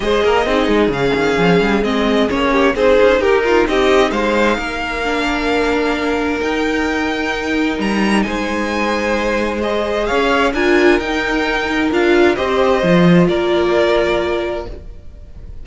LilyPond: <<
  \new Staff \with { instrumentName = "violin" } { \time 4/4 \tempo 4 = 131 dis''2 f''2 | dis''4 cis''4 c''4 ais'4 | dis''4 f''2.~ | f''2 g''2~ |
g''4 ais''4 gis''2~ | gis''4 dis''4 f''4 gis''4 | g''2 f''4 dis''4~ | dis''4 d''2. | }
  \new Staff \with { instrumentName = "violin" } { \time 4/4 c''8 ais'8 gis'2.~ | gis'4. g'8 gis'4 g'8 f'8 | g'4 c''4 ais'2~ | ais'1~ |
ais'2 c''2~ | c''2 cis''4 ais'4~ | ais'2. c''4~ | c''4 ais'2. | }
  \new Staff \with { instrumentName = "viola" } { \time 4/4 gis'4 dis'4 cis'2 | c'4 cis'4 dis'2~ | dis'2. d'4~ | d'2 dis'2~ |
dis'1~ | dis'4 gis'2 f'4 | dis'2 f'4 g'4 | f'1 | }
  \new Staff \with { instrumentName = "cello" } { \time 4/4 gis8 ais8 c'8 gis8 cis8 dis8 f8 g8 | gis4 ais4 c'8 cis'8 dis'4 | c'4 gis4 ais2~ | ais2 dis'2~ |
dis'4 g4 gis2~ | gis2 cis'4 d'4 | dis'2 d'4 c'4 | f4 ais2. | }
>>